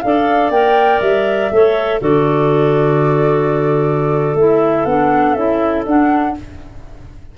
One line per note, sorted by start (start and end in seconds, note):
0.00 0.50 D4
0.00 0.52 A4
0.00 1.54 D5
0.00 0.50 F5
0.50 0.99 A#3
0.50 1.51 A#4
0.50 1.00 G5
1.01 1.51 G3
1.01 2.00 E5
1.51 2.01 A3
1.51 2.00 A4
1.51 2.00 C#5
2.00 4.34 D3
2.00 4.36 F#4
2.00 6.34 A4
2.00 4.37 D5
4.34 4.84 A3
4.34 4.87 E4
4.34 4.85 E5
4.85 5.35 B3
4.85 5.36 D4
4.85 5.33 F#5
5.33 5.85 C#4
5.33 5.86 E4
5.33 5.83 E5
5.86 6.35 D4
5.86 6.36 D4
5.86 6.37 F#5